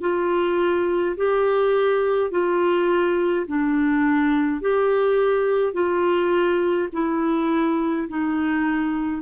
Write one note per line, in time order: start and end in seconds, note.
0.00 1.15 F4
1.16 2.31 G4
2.31 3.46 F4
3.47 4.61 D4
4.61 5.73 G4
5.73 6.89 F4
6.92 8.08 E4
8.08 9.22 D#4